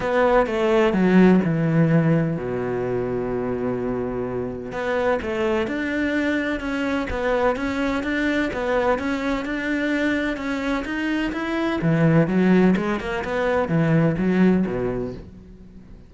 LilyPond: \new Staff \with { instrumentName = "cello" } { \time 4/4 \tempo 4 = 127 b4 a4 fis4 e4~ | e4 b,2.~ | b,2 b4 a4 | d'2 cis'4 b4 |
cis'4 d'4 b4 cis'4 | d'2 cis'4 dis'4 | e'4 e4 fis4 gis8 ais8 | b4 e4 fis4 b,4 | }